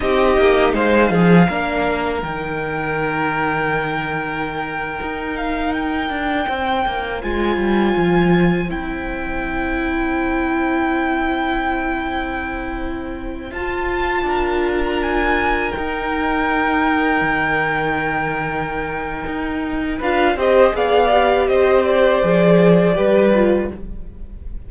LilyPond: <<
  \new Staff \with { instrumentName = "violin" } { \time 4/4 \tempo 4 = 81 dis''4 f''2 g''4~ | g''2.~ g''16 f''8 g''16~ | g''4.~ g''16 gis''2 g''16~ | g''1~ |
g''2~ g''16 a''4.~ a''16 | ais''16 gis''4 g''2~ g''8.~ | g''2. f''8 dis''8 | f''4 dis''8 d''2~ d''8 | }
  \new Staff \with { instrumentName = "violin" } { \time 4/4 g'4 c''8 gis'8 ais'2~ | ais'1~ | ais'8. c''2.~ c''16~ | c''1~ |
c''2.~ c''16 ais'8.~ | ais'1~ | ais'2. b'8 c''8 | d''4 c''2 b'4 | }
  \new Staff \with { instrumentName = "viola" } { \time 4/4 dis'2 d'4 dis'4~ | dis'1~ | dis'4.~ dis'16 f'2 e'16~ | e'1~ |
e'2~ e'16 f'4.~ f'16~ | f'4~ f'16 dis'2~ dis'8.~ | dis'2. f'8 g'8 | gis'8 g'4. gis'4 g'8 f'8 | }
  \new Staff \with { instrumentName = "cello" } { \time 4/4 c'8 ais8 gis8 f8 ais4 dis4~ | dis2~ dis8. dis'4~ dis'16~ | dis'16 d'8 c'8 ais8 gis8 g8 f4 c'16~ | c'1~ |
c'2~ c'16 f'4 d'8.~ | d'4~ d'16 dis'2 dis8.~ | dis2 dis'4 d'8 c'8 | b4 c'4 f4 g4 | }
>>